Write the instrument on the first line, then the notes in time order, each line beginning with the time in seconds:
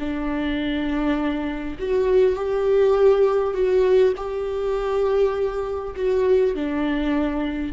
viola
0.00 D4
1.80 F#4
2.36 G4
3.54 F#4
4.17 G4
5.96 F#4
6.55 D4